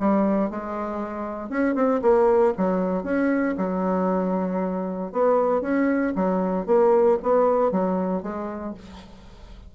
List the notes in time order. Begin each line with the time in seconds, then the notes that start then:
0.00 G3
0.50 G#3
1.50 C#4
1.75 C4
2.02 A#3
2.58 F#3
3.04 C#4
3.58 F#3
5.13 B3
5.62 C#4
6.16 F#3
6.67 A#3
7.23 B3
7.72 F#3
8.23 G#3